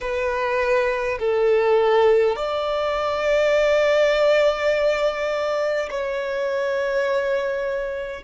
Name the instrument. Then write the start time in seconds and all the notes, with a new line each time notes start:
violin
0.01 B4
1.19 A4
2.36 D5
5.90 C#5